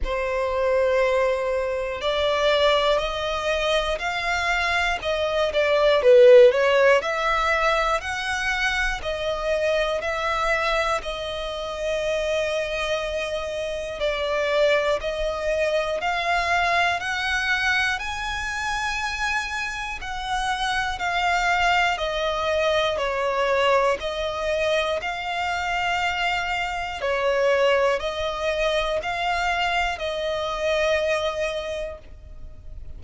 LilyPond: \new Staff \with { instrumentName = "violin" } { \time 4/4 \tempo 4 = 60 c''2 d''4 dis''4 | f''4 dis''8 d''8 b'8 cis''8 e''4 | fis''4 dis''4 e''4 dis''4~ | dis''2 d''4 dis''4 |
f''4 fis''4 gis''2 | fis''4 f''4 dis''4 cis''4 | dis''4 f''2 cis''4 | dis''4 f''4 dis''2 | }